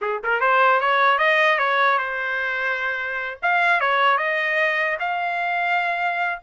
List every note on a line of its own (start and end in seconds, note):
0.01 0.21 G#4
0.23 0.40 A#4
0.40 0.80 C5
0.80 1.18 C#5
1.18 1.58 D#5
1.58 1.98 C#5
1.98 3.38 C5
3.42 3.80 F5
3.80 4.17 C#5
4.17 4.97 D#5
4.99 6.39 F5